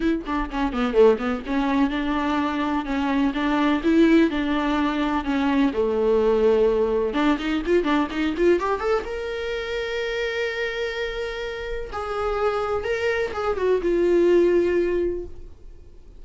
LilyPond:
\new Staff \with { instrumentName = "viola" } { \time 4/4 \tempo 4 = 126 e'8 d'8 cis'8 b8 a8 b8 cis'4 | d'2 cis'4 d'4 | e'4 d'2 cis'4 | a2. d'8 dis'8 |
f'8 d'8 dis'8 f'8 g'8 a'8 ais'4~ | ais'1~ | ais'4 gis'2 ais'4 | gis'8 fis'8 f'2. | }